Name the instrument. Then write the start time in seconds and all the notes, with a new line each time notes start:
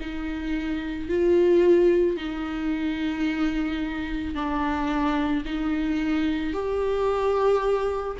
viola
0.00 D#4
1.09 F4
2.17 D#4
4.35 D4
5.45 D#4
6.53 G4